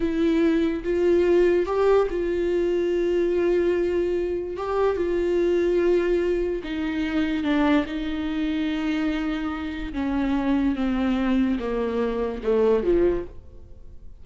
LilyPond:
\new Staff \with { instrumentName = "viola" } { \time 4/4 \tempo 4 = 145 e'2 f'2 | g'4 f'2.~ | f'2. g'4 | f'1 |
dis'2 d'4 dis'4~ | dis'1 | cis'2 c'2 | ais2 a4 f4 | }